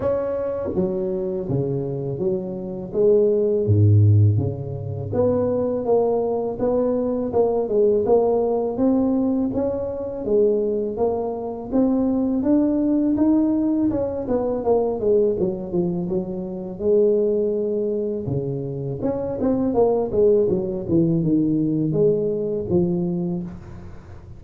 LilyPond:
\new Staff \with { instrumentName = "tuba" } { \time 4/4 \tempo 4 = 82 cis'4 fis4 cis4 fis4 | gis4 gis,4 cis4 b4 | ais4 b4 ais8 gis8 ais4 | c'4 cis'4 gis4 ais4 |
c'4 d'4 dis'4 cis'8 b8 | ais8 gis8 fis8 f8 fis4 gis4~ | gis4 cis4 cis'8 c'8 ais8 gis8 | fis8 e8 dis4 gis4 f4 | }